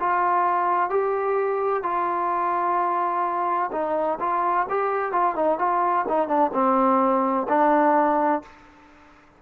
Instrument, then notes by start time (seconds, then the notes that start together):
trombone
0.00 F4
0.90 G4
1.83 F4
3.72 D#4
4.20 F4
4.70 G4
5.13 F4
5.36 D#4
5.59 F4
6.09 D#4
6.28 D4
6.54 C4
7.49 D4